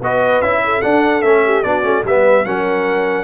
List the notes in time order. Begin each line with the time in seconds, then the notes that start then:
0.00 B3 F#4 B4 D#5
0.41 C#4 E4 E5
0.64 A4
0.81 D4 F#5
1.22 A3 C#4 E5
1.45 G4
1.62 B3 D4 F#4 D5
1.83 A3 C#4
2.04 G3 B3 B4 E5
2.45 F#3 C#4 A#4 F#5